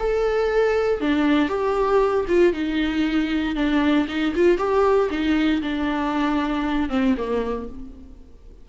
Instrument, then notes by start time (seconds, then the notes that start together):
viola
0.00 A4
1.01 D4
1.49 G4
2.29 F4
2.53 D#4
3.56 D4
4.09 D#4
4.36 F4
4.59 G4
5.11 D#4
5.62 D4
6.90 C4
7.18 A#3